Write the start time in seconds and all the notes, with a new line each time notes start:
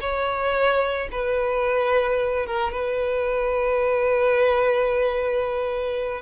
0.00 C#5
1.11 B4
2.46 A#4
2.71 B4